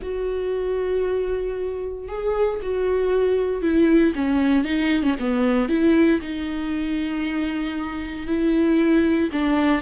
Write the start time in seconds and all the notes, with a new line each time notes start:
0.02 F#4
2.08 G#4
2.62 F#4
3.61 E4
4.15 C#4
4.64 D#4
5.02 C#4
5.19 B3
5.68 E4
6.21 D#4
8.26 E4
9.32 D4